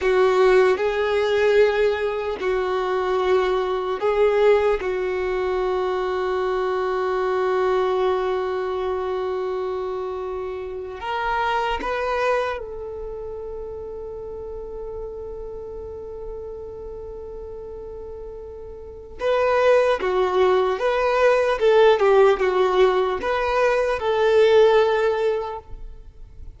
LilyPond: \new Staff \with { instrumentName = "violin" } { \time 4/4 \tempo 4 = 75 fis'4 gis'2 fis'4~ | fis'4 gis'4 fis'2~ | fis'1~ | fis'4.~ fis'16 ais'4 b'4 a'16~ |
a'1~ | a'1 | b'4 fis'4 b'4 a'8 g'8 | fis'4 b'4 a'2 | }